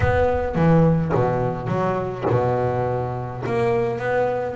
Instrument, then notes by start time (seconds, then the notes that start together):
double bass
0.00 B3
0.55 E3
1.14 B2
1.67 F#3
2.29 B2
3.46 A#3
3.98 B3